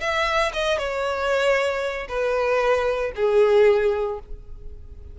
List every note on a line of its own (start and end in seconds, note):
0.00 0.52 E5
0.53 0.78 D#5
0.78 2.07 C#5
2.08 3.12 B4
3.15 4.19 G#4